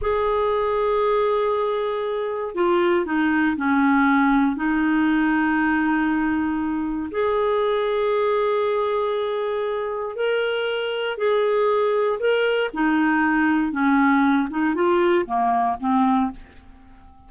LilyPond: \new Staff \with { instrumentName = "clarinet" } { \time 4/4 \tempo 4 = 118 gis'1~ | gis'4 f'4 dis'4 cis'4~ | cis'4 dis'2.~ | dis'2 gis'2~ |
gis'1 | ais'2 gis'2 | ais'4 dis'2 cis'4~ | cis'8 dis'8 f'4 ais4 c'4 | }